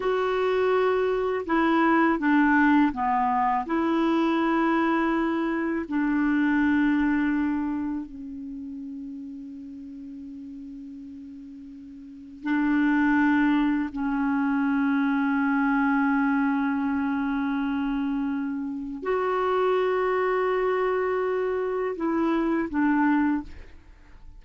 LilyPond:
\new Staff \with { instrumentName = "clarinet" } { \time 4/4 \tempo 4 = 82 fis'2 e'4 d'4 | b4 e'2. | d'2. cis'4~ | cis'1~ |
cis'4 d'2 cis'4~ | cis'1~ | cis'2 fis'2~ | fis'2 e'4 d'4 | }